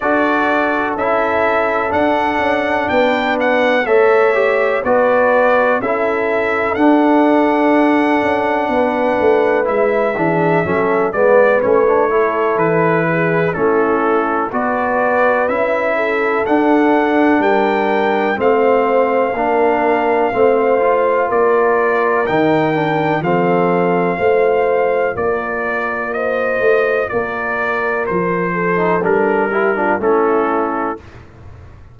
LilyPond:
<<
  \new Staff \with { instrumentName = "trumpet" } { \time 4/4 \tempo 4 = 62 d''4 e''4 fis''4 g''8 fis''8 | e''4 d''4 e''4 fis''4~ | fis''2 e''4. d''8 | cis''4 b'4 a'4 d''4 |
e''4 fis''4 g''4 f''4~ | f''2 d''4 g''4 | f''2 d''4 dis''4 | d''4 c''4 ais'4 a'4 | }
  \new Staff \with { instrumentName = "horn" } { \time 4/4 a'2. b'4 | cis''4 b'4 a'2~ | a'4 b'4. gis'8 a'8 b'8~ | b'8 a'4 gis'8 e'4 b'4~ |
b'8 a'4. ais'4 c''4 | ais'4 c''4 ais'2 | a'4 c''4 ais'4 c''4 | ais'4. a'4 g'16 f'16 e'4 | }
  \new Staff \with { instrumentName = "trombone" } { \time 4/4 fis'4 e'4 d'2 | a'8 g'8 fis'4 e'4 d'4~ | d'2 e'8 d'8 cis'8 b8 | cis'16 d'16 e'4. cis'4 fis'4 |
e'4 d'2 c'4 | d'4 c'8 f'4. dis'8 d'8 | c'4 f'2.~ | f'4.~ f'16 dis'16 d'8 e'16 d'16 cis'4 | }
  \new Staff \with { instrumentName = "tuba" } { \time 4/4 d'4 cis'4 d'8 cis'8 b4 | a4 b4 cis'4 d'4~ | d'8 cis'8 b8 a8 gis8 e8 fis8 gis8 | a4 e4 a4 b4 |
cis'4 d'4 g4 a4 | ais4 a4 ais4 dis4 | f4 a4 ais4. a8 | ais4 f4 g4 a4 | }
>>